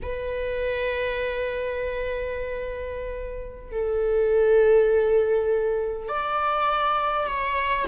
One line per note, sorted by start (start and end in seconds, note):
0.02 3.71 B4
3.71 6.08 A4
6.08 7.27 D5
7.27 7.86 C#5